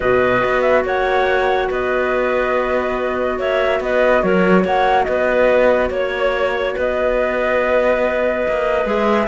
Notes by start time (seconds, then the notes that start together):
0.00 B2 F#4 B4 D#5
0.44 B3
0.61 E5
0.84 A#3 C#5 F#5
1.69 B3 B4 D#5
3.38 A#3 C#5 E5
3.80 B3 B4 D#5
4.22 F#3 A#4 C#5
4.61 A#3 C#5 F#5
5.03 B3 B4 D#5
5.89 A#3 C#5
6.75 B3 B4 D#5
8.48 A#3
8.85 G#3 G#4 E5